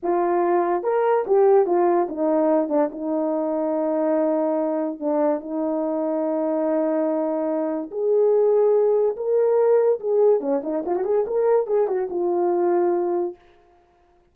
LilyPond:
\new Staff \with { instrumentName = "horn" } { \time 4/4 \tempo 4 = 144 f'2 ais'4 g'4 | f'4 dis'4. d'8 dis'4~ | dis'1 | d'4 dis'2.~ |
dis'2. gis'4~ | gis'2 ais'2 | gis'4 cis'8 dis'8 f'16 fis'16 gis'8 ais'4 | gis'8 fis'8 f'2. | }